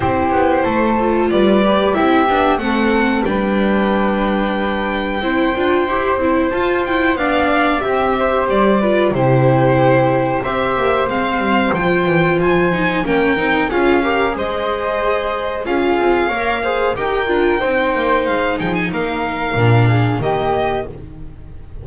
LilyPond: <<
  \new Staff \with { instrumentName = "violin" } { \time 4/4 \tempo 4 = 92 c''2 d''4 e''4 | fis''4 g''2.~ | g''2 a''8 g''8 f''4 | e''4 d''4 c''2 |
e''4 f''4 g''4 gis''4 | g''4 f''4 dis''2 | f''2 g''2 | f''8 g''16 gis''16 f''2 dis''4 | }
  \new Staff \with { instrumentName = "flute" } { \time 4/4 g'4 a'4 b'4 g'4 | a'4 b'2. | c''2. d''4 | g'8 c''4 b'8 g'2 |
c''1 | ais'4 gis'8 ais'8 c''2 | gis'4 cis''8 c''8 ais'4 c''4~ | c''8 gis'8 ais'4. gis'8 g'4 | }
  \new Staff \with { instrumentName = "viola" } { \time 4/4 e'4. f'4 g'8 e'8 d'8 | c'4 d'2. | e'8 f'8 g'8 e'8 f'8 e'8 d'4 | g'4. f'8 e'2 |
g'4 c'4 f'4. dis'8 | cis'8 dis'8 f'8 g'8 gis'2 | f'4 ais'8 gis'8 g'8 f'8 dis'4~ | dis'2 d'4 ais4 | }
  \new Staff \with { instrumentName = "double bass" } { \time 4/4 c'8 b8 a4 g4 c'8 b8 | a4 g2. | c'8 d'8 e'8 c'8 f'4 b4 | c'4 g4 c2 |
c'8 ais8 gis8 g8 f8 e8 f4 | ais8 c'8 cis'4 gis2 | cis'8 c'8 ais4 dis'8 d'8 c'8 ais8 | gis8 f8 ais4 ais,4 dis4 | }
>>